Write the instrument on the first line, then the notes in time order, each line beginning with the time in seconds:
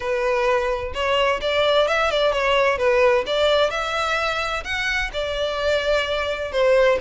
violin
0.00 B4
0.93 C#5
1.41 D5
1.87 E5
2.10 D5
2.32 C#5
2.78 B4
3.26 D5
3.70 E5
4.63 F#5
5.13 D5
6.52 C5